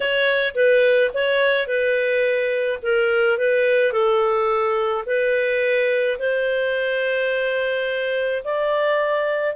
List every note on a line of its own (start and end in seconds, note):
0.00 0.54 C#5
0.55 1.11 B4
1.14 1.67 C#5
1.67 2.79 B4
2.82 3.38 A#4
3.38 3.92 B4
3.92 5.04 A4
5.06 6.18 B4
6.19 8.43 C5
8.44 9.55 D5